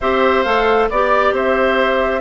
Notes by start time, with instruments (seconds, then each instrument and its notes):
0.00 bassoon C4, clarinet G4, oboe C5, flute E5
0.43 bassoon A3, clarinet A4, flute F5
0.89 bassoon B3, clarinet G4, oboe D5, flute D5
1.32 bassoon C4, oboe C5, flute E5